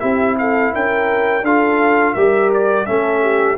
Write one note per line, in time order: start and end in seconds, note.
0.00 0.75 C4
0.00 1.43 E4
0.00 0.36 G4
0.00 0.36 E5
0.39 0.73 A4
0.39 0.74 F5
0.73 1.43 C#4
0.73 1.45 A#4
0.73 1.46 G5
1.43 2.14 D4
1.43 2.17 F4
1.43 2.15 A4
1.43 2.14 F5
2.14 2.88 G3
2.14 2.87 G4
2.14 2.86 A#4
2.14 2.50 E5
2.54 2.86 D5
2.86 3.58 A3
2.86 3.58 C#4
2.86 3.22 A4
2.86 3.58 E5
3.22 3.58 G4